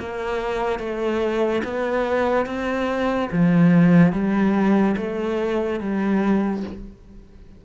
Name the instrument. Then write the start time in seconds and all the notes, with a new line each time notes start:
cello
0.00 A#3
0.79 A3
1.64 B3
2.46 C4
3.32 F3
4.12 G3
4.97 A3
5.80 G3